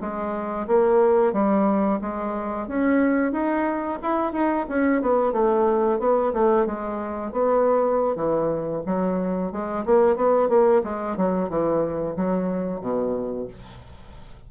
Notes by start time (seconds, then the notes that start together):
0.00 G#3
0.67 A#3
1.32 G3
2.01 G#3
2.67 C#4
3.32 D#4
4.02 E4
4.32 D#4
4.68 C#4
5.01 B3
5.32 A3
5.99 B3
6.33 A3
6.66 G#3
7.32 B3
8.15 E3
8.85 F#3
9.52 G#3
9.85 A#3
10.15 B3
10.48 A#3
10.83 G#3
11.16 F#3
11.49 E3
12.16 F#3
12.80 B2